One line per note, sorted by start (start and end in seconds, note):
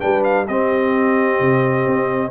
0.00 0.48 G3
0.00 0.46 D4
0.00 0.47 B4
0.00 0.23 G5
0.24 0.47 F5
0.47 1.40 C4
0.47 2.31 C4
0.47 2.31 G4
0.47 2.31 D#5
1.40 1.86 C3
1.87 2.31 C4